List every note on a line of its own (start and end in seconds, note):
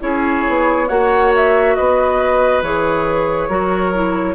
0.00 0.45 C#4
0.00 0.87 E4
0.00 0.88 G#4
0.00 0.88 C#5
0.47 0.89 B3
0.88 1.76 A#3
0.88 2.62 F#4
0.88 1.75 C#5
0.88 1.32 F#5
1.36 1.75 E5
1.75 2.62 B3
1.75 3.49 B4
1.75 2.62 D#5
2.62 3.49 E3
2.62 3.49 G#4
2.62 4.35 C#5
3.49 4.35 F#3
3.49 3.93 F#4
3.49 4.35 A#4
3.94 4.35 E4